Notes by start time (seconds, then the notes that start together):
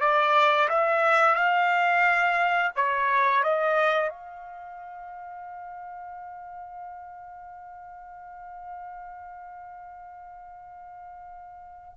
0.00 D5
0.68 E5
1.35 F5
2.75 C#5
3.43 D#5
4.09 F5